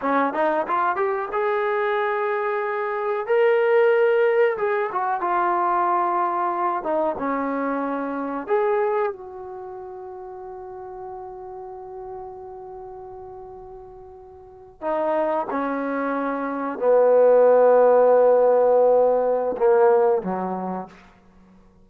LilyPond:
\new Staff \with { instrumentName = "trombone" } { \time 4/4 \tempo 4 = 92 cis'8 dis'8 f'8 g'8 gis'2~ | gis'4 ais'2 gis'8 fis'8 | f'2~ f'8 dis'8 cis'4~ | cis'4 gis'4 fis'2~ |
fis'1~ | fis'2~ fis'8. dis'4 cis'16~ | cis'4.~ cis'16 b2~ b16~ | b2 ais4 fis4 | }